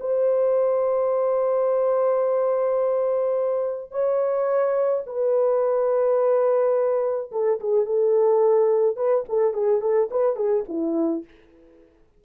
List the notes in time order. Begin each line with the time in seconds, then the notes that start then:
0.00 C5
3.91 C#5
5.06 B4
7.32 A4
7.60 G#4
7.86 A4
8.96 B4
9.29 A4
9.54 G#4
9.81 A4
10.11 B4
10.36 G#4
10.68 E4